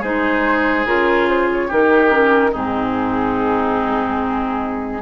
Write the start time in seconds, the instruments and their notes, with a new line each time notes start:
0.00 bassoon G#3, clarinet D#4, oboe G#4, flute C5
0.86 bassoon C#3, clarinet F4, flute A#4
1.28 flute C5
1.53 flute C#5
1.67 bassoon D#3, clarinet D#4, oboe G4, flute A#4
2.09 clarinet C#4
2.51 bassoon G#2, clarinet C4, oboe D#4, flute G#4